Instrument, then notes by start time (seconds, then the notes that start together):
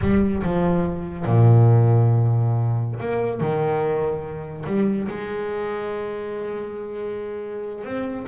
double bass
0.01 G3
0.43 F3
1.25 A#2
2.99 A#3
3.40 D#3
4.66 G3
5.08 G#3
7.84 C4